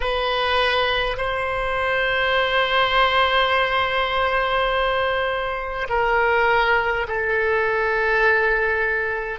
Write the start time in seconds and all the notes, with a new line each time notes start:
0.00 B4
1.17 C5
5.89 A#4
7.07 A4